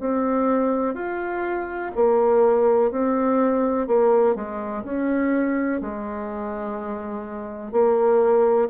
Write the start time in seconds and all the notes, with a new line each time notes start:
0.00 C4
0.95 F4
1.95 A#3
2.91 C4
3.87 A#3
4.35 G#3
4.84 C#4
5.81 G#3
7.72 A#3